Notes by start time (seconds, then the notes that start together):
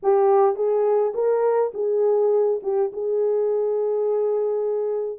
0.02 G4
0.55 G#4
1.14 A#4
1.74 G#4
2.62 G4
2.92 G#4